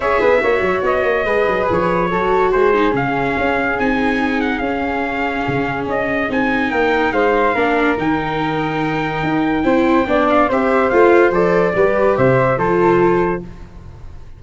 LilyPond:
<<
  \new Staff \with { instrumentName = "trumpet" } { \time 4/4 \tempo 4 = 143 e''2 dis''2 | cis''2 c''4 f''4~ | f''4 gis''4. fis''8 f''4~ | f''2 dis''4 gis''4 |
g''4 f''2 g''4~ | g''1~ | g''8 f''8 e''4 f''4 d''4~ | d''4 e''4 c''2 | }
  \new Staff \with { instrumentName = "flute" } { \time 4/4 cis''8 b'8 cis''2 b'4~ | b'4 a'4 gis'2~ | gis'1~ | gis'1 |
ais'4 c''4 ais'2~ | ais'2. c''4 | d''4 c''2. | b'4 c''4 a'2 | }
  \new Staff \with { instrumentName = "viola" } { \time 4/4 gis'4 fis'2 gis'4~ | gis'4 fis'4. dis'8 cis'4~ | cis'4 dis'2 cis'4~ | cis'2. dis'4~ |
dis'2 d'4 dis'4~ | dis'2. e'4 | d'4 g'4 f'4 a'4 | g'2 f'2 | }
  \new Staff \with { instrumentName = "tuba" } { \time 4/4 cis'8 b8 ais8 fis8 b8 ais8 gis8 fis8 | f4 fis4 gis4 cis4 | cis'4 c'2 cis'4~ | cis'4 cis4 cis'4 c'4 |
ais4 gis4 ais4 dis4~ | dis2 dis'4 c'4 | b4 c'4 a4 f4 | g4 c4 f2 | }
>>